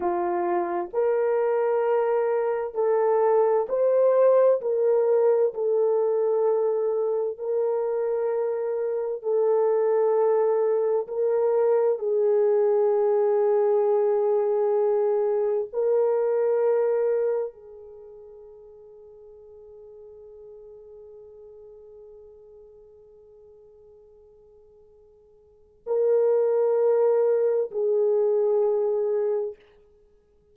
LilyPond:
\new Staff \with { instrumentName = "horn" } { \time 4/4 \tempo 4 = 65 f'4 ais'2 a'4 | c''4 ais'4 a'2 | ais'2 a'2 | ais'4 gis'2.~ |
gis'4 ais'2 gis'4~ | gis'1~ | gis'1 | ais'2 gis'2 | }